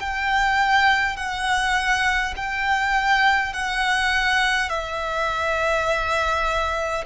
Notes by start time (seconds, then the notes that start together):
0.00 G5
1.17 F#5
2.36 G5
3.53 F#5
4.69 E5